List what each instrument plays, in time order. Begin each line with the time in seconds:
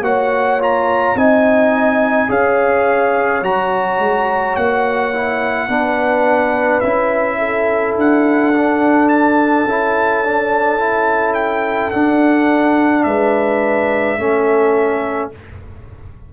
0.00 tuba A#3, trombone F#4, horn C#5, trumpet F#5
0.59 trombone F4, trumpet A#5
1.15 tuba C4, trombone D#4, horn D#5, trumpet G#5
2.28 tuba C#4, trombone G#4, horn C#5, trumpet F5
3.42 tuba F#3, trombone F#4, trumpet A#5
3.99 tuba G#3
4.55 tuba A#3, trumpet F#5
5.14 trombone E4
5.67 tuba B3, trombone D4, horn B4
6.80 tuba C#4, trombone E4, trumpet E5
7.38 horn A4
7.96 tuba D4, trumpet F#5
8.54 trombone D4
9.08 trumpet A5
9.65 tuba C#4, trombone E4
10.24 trombone D4
10.79 trombone E4
11.34 trumpet G5
11.90 tuba D4, trombone D4, trumpet F#5
13.03 tuba G#3, horn B4, trumpet E5
14.18 tuba A3, trombone C#4, horn A4